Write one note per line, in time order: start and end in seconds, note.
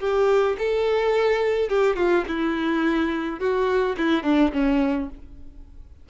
0.00 0.57 G4
0.58 1.69 A4
1.69 1.96 G4
1.96 2.25 F4
2.28 3.40 E4
3.40 3.96 F#4
3.97 4.23 E4
4.23 4.51 D4
4.53 5.09 C#4